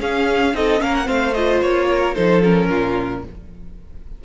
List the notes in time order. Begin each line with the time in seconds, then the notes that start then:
0.00 C#4 G#4 F5
0.54 C4 D#4 A4 D#5
0.78 A#3 C#4 A#4 F5
0.95 F#5
1.04 A3 C4 C5 F5
1.34 F4 D#5
1.62 A#3 C#5
1.91 A#4
2.15 F3 D#4 A4 C5
2.43 C#4 A#4
2.70 A#2 F4